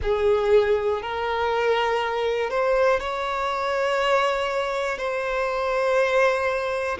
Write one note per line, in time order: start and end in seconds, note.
0.02 1.01 G#4
1.01 2.50 A#4
2.50 3.00 C5
3.00 4.97 C#5
4.97 6.97 C5